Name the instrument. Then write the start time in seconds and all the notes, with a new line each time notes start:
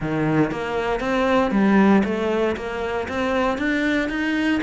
cello
0.00 D#3
0.51 A#3
1.00 C4
1.51 G3
2.04 A3
2.56 A#3
3.08 C4
3.58 D4
4.09 D#4